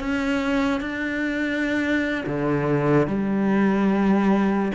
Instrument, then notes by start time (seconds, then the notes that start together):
cello
0.00 C#4
0.81 D4
2.26 D3
3.07 G3